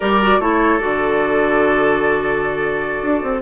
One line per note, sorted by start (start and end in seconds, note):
0.00 0.39 G3
0.00 0.21 G4
0.00 0.40 A#4
0.00 0.40 D5
0.22 0.41 F#4
0.39 0.80 A3
0.39 0.79 E4
0.39 3.42 A4
0.39 0.78 C#5
0.78 3.02 D3
0.78 3.40 F#4
0.78 3.40 D5
3.02 3.22 D4
3.22 3.42 C4